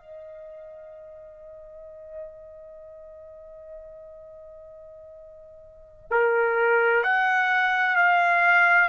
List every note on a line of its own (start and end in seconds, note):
0.00 6.09 D#5
6.11 7.04 A#4
7.04 7.96 F#5
7.96 8.89 F5